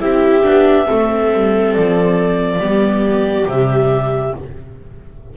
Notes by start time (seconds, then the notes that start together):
0.00 C4 E4 G4 E5
0.43 B3 D4
0.86 A3 C4 A4
1.33 G3
1.74 F3 D5
2.59 G3 B3 G4
3.45 C3 G3 E5